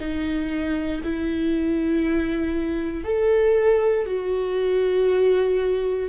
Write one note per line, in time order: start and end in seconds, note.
0.00 1.02 D#4
1.04 3.04 E4
3.04 4.06 A4
4.06 6.09 F#4